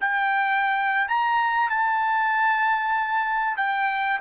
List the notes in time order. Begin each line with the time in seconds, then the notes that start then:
0.00 G5
1.08 A#5
1.70 A5
3.57 G5